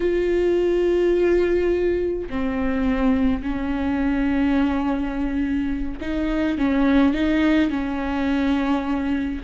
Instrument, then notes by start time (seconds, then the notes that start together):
viola
0.00 F4
2.29 C4
3.42 C#4
6.01 D#4
6.58 C#4
7.13 D#4
7.70 C#4